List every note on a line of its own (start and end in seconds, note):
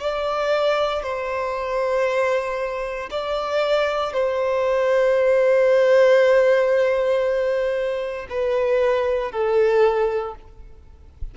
0.00 1.03 D5
1.03 3.09 C5
3.10 4.13 D5
4.13 8.27 C5
8.29 9.31 B4
9.31 10.34 A4